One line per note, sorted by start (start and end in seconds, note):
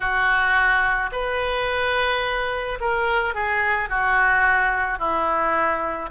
0.00 1.10 F#4
1.12 2.78 B4
2.80 3.34 A#4
3.34 3.89 G#4
3.89 4.98 F#4
4.98 6.10 E4